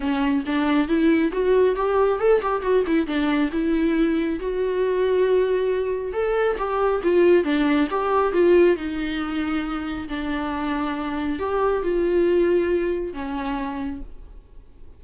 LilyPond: \new Staff \with { instrumentName = "viola" } { \time 4/4 \tempo 4 = 137 cis'4 d'4 e'4 fis'4 | g'4 a'8 g'8 fis'8 e'8 d'4 | e'2 fis'2~ | fis'2 a'4 g'4 |
f'4 d'4 g'4 f'4 | dis'2. d'4~ | d'2 g'4 f'4~ | f'2 cis'2 | }